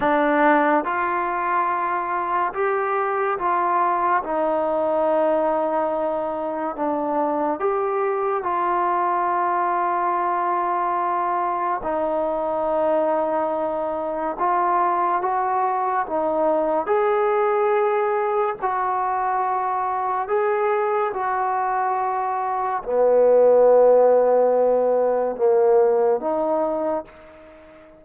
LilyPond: \new Staff \with { instrumentName = "trombone" } { \time 4/4 \tempo 4 = 71 d'4 f'2 g'4 | f'4 dis'2. | d'4 g'4 f'2~ | f'2 dis'2~ |
dis'4 f'4 fis'4 dis'4 | gis'2 fis'2 | gis'4 fis'2 b4~ | b2 ais4 dis'4 | }